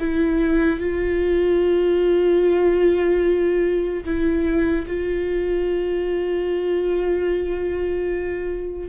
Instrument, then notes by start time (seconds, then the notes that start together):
viola
0.00 E4
0.80 F4
4.05 E4
4.87 F4